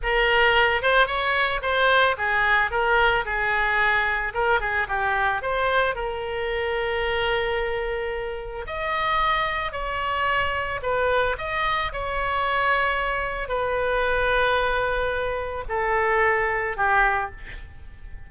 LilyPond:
\new Staff \with { instrumentName = "oboe" } { \time 4/4 \tempo 4 = 111 ais'4. c''8 cis''4 c''4 | gis'4 ais'4 gis'2 | ais'8 gis'8 g'4 c''4 ais'4~ | ais'1 |
dis''2 cis''2 | b'4 dis''4 cis''2~ | cis''4 b'2.~ | b'4 a'2 g'4 | }